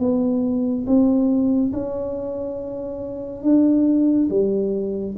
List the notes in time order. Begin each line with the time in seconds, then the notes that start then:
0.00 B3
0.87 C4
1.73 C#4
3.43 D4
4.30 G3